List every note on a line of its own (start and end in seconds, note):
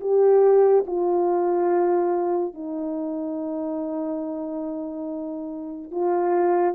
0.00 0.85 G4
0.86 2.54 F4
2.54 5.91 D#4
5.91 6.75 F4